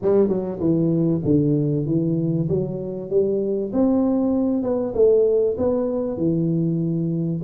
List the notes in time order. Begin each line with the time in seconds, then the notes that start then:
0.02 G3
0.28 F#3
0.59 E3
1.24 D3
1.86 E3
2.48 F#3
3.10 G3
3.73 C4
4.63 B3
4.94 A3
5.57 B3
6.17 E3